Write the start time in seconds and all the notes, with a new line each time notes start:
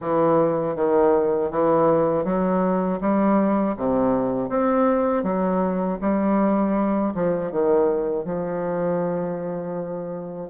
0.00 E3
0.75 D#3
1.50 E3
2.24 F#3
3.00 G3
3.76 C3
4.49 C4
5.23 F#3
6.01 G3
7.14 F3
7.51 D#3
8.24 F3